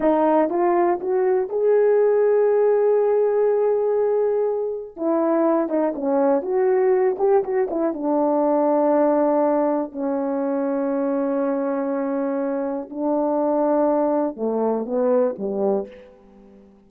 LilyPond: \new Staff \with { instrumentName = "horn" } { \time 4/4 \tempo 4 = 121 dis'4 f'4 fis'4 gis'4~ | gis'1~ | gis'2 e'4. dis'8 | cis'4 fis'4. g'8 fis'8 e'8 |
d'1 | cis'1~ | cis'2 d'2~ | d'4 a4 b4 g4 | }